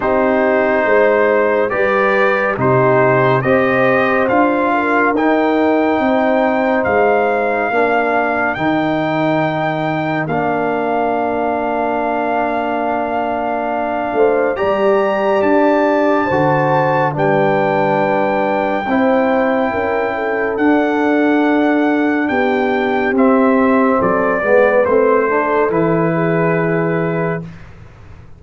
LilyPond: <<
  \new Staff \with { instrumentName = "trumpet" } { \time 4/4 \tempo 4 = 70 c''2 d''4 c''4 | dis''4 f''4 g''2 | f''2 g''2 | f''1~ |
f''4 ais''4 a''2 | g''1 | fis''2 g''4 e''4 | d''4 c''4 b'2 | }
  \new Staff \with { instrumentName = "horn" } { \time 4/4 g'4 c''4 b'4 g'4 | c''4. ais'4. c''4~ | c''4 ais'2.~ | ais'1~ |
ais'8 c''8 d''2 c''4 | b'2 c''4 ais'8 a'8~ | a'2 g'2 | a'8 b'4 a'4 gis'4. | }
  \new Staff \with { instrumentName = "trombone" } { \time 4/4 dis'2 g'4 dis'4 | g'4 f'4 dis'2~ | dis'4 d'4 dis'2 | d'1~ |
d'4 g'2 fis'4 | d'2 e'2 | d'2. c'4~ | c'8 b8 c'8 d'8 e'2 | }
  \new Staff \with { instrumentName = "tuba" } { \time 4/4 c'4 gis4 g4 c4 | c'4 d'4 dis'4 c'4 | gis4 ais4 dis2 | ais1~ |
ais8 a8 g4 d'4 d4 | g2 c'4 cis'4 | d'2 b4 c'4 | fis8 gis8 a4 e2 | }
>>